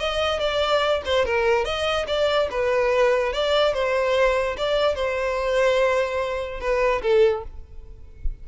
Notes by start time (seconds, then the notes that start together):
0.00 D#5
0.40 D5
1.06 C5
1.25 A#4
1.65 D#5
2.07 D5
2.51 B4
3.33 D5
3.74 C5
4.57 D5
4.95 C5
6.61 B4
7.02 A4